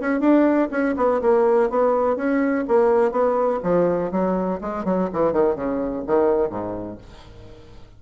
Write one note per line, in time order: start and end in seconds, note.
0.00 0.20 C#4
0.20 0.68 D4
0.71 0.95 C#4
0.96 1.21 B3
1.21 1.69 A#3
1.70 2.16 B3
2.16 2.64 C#4
2.67 3.11 A#3
3.11 3.59 B3
3.63 4.11 F3
4.11 4.59 F#3
4.61 4.84 G#3
4.84 5.09 F#3
5.13 5.32 E3
5.32 5.55 D#3
5.55 6.04 C#3
6.06 6.49 D#3
6.49 6.97 G#2